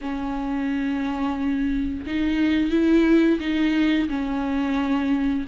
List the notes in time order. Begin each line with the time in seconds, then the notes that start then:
0.01 C#4
2.06 D#4
2.71 E4
3.40 D#4
4.08 C#4